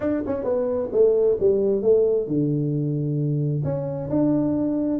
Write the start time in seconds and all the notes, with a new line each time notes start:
0.00 D4
0.26 C#4
0.44 B3
0.92 A3
1.40 G3
1.82 A3
2.27 D3
3.63 C#4
4.10 D4